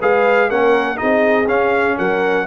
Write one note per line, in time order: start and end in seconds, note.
0.00 0.51 G#3
0.00 0.51 G#4
0.00 0.49 B4
0.00 0.50 F5
0.49 1.00 A#3
0.49 0.95 C#4
0.49 0.99 A#4
0.49 0.97 F#5
0.95 1.45 D#4
0.95 1.97 G#4
0.95 1.47 D#5
1.02 1.48 C4
1.48 1.97 C#4
1.48 2.47 C#4
1.48 1.98 F5
1.97 2.47 F#3
1.97 2.46 A#4
1.97 2.47 F#5